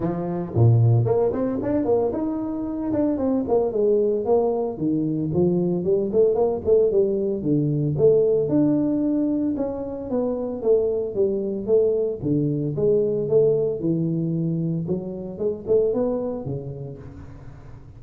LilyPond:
\new Staff \with { instrumentName = "tuba" } { \time 4/4 \tempo 4 = 113 f4 ais,4 ais8 c'8 d'8 ais8 | dis'4. d'8 c'8 ais8 gis4 | ais4 dis4 f4 g8 a8 | ais8 a8 g4 d4 a4 |
d'2 cis'4 b4 | a4 g4 a4 d4 | gis4 a4 e2 | fis4 gis8 a8 b4 cis4 | }